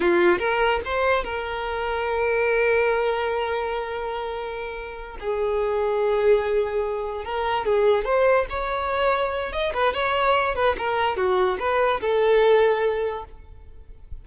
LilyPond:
\new Staff \with { instrumentName = "violin" } { \time 4/4 \tempo 4 = 145 f'4 ais'4 c''4 ais'4~ | ais'1~ | ais'1~ | ais'8 gis'2.~ gis'8~ |
gis'4. ais'4 gis'4 c''8~ | c''8 cis''2~ cis''8 dis''8 b'8 | cis''4. b'8 ais'4 fis'4 | b'4 a'2. | }